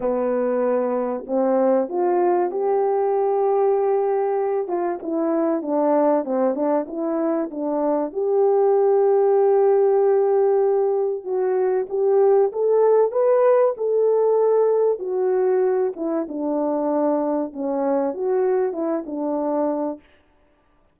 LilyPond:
\new Staff \with { instrumentName = "horn" } { \time 4/4 \tempo 4 = 96 b2 c'4 f'4 | g'2.~ g'8 f'8 | e'4 d'4 c'8 d'8 e'4 | d'4 g'2.~ |
g'2 fis'4 g'4 | a'4 b'4 a'2 | fis'4. e'8 d'2 | cis'4 fis'4 e'8 d'4. | }